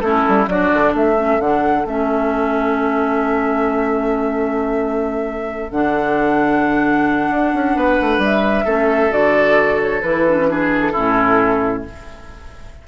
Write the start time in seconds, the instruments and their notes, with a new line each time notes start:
0.00 bassoon A3, clarinet C#4, oboe E4, flute A4
0.28 bassoon G3
0.47 bassoon F#3, clarinet D4, oboe F#4, flute D5
0.73 bassoon D3
0.92 bassoon A3, oboe A4, flute E5
1.17 clarinet C#4
1.39 bassoon D3, clarinet D4, flute F#5
1.85 bassoon A3, clarinet C#4, flute E5
5.71 bassoon D3, clarinet D4, flute F#5
7.30 bassoon D4
7.53 bassoon C#4
7.75 bassoon B3, oboe B4
8.01 bassoon A3
8.17 bassoon G3, flute E5
8.64 bassoon A3, clarinet C#4, oboe A4
9.10 bassoon D3, clarinet F#4, flute D5
9.81 flute C#5
10.01 bassoon E3, clarinet E4, flute B4
10.27 clarinet D4
10.36 clarinet C#4
10.48 clarinet D4, oboe G#4
10.80 flute A4
10.92 bassoon A2, clarinet C#4, oboe E4